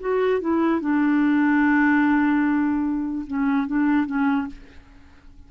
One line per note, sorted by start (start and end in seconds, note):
0.00 0.41 F#4
0.41 0.81 E4
0.81 3.26 D4
3.27 3.67 C#4
3.67 4.06 D4
4.06 4.47 C#4